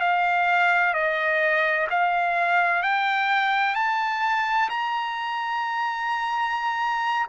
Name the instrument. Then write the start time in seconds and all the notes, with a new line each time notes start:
trumpet
0.00 F5
0.94 D#5
1.90 F5
2.83 G5
3.75 A5
4.69 A#5